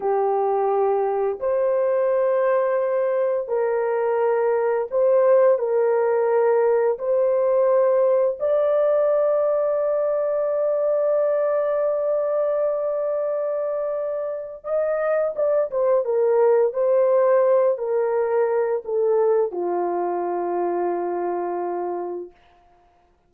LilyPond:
\new Staff \with { instrumentName = "horn" } { \time 4/4 \tempo 4 = 86 g'2 c''2~ | c''4 ais'2 c''4 | ais'2 c''2 | d''1~ |
d''1~ | d''4 dis''4 d''8 c''8 ais'4 | c''4. ais'4. a'4 | f'1 | }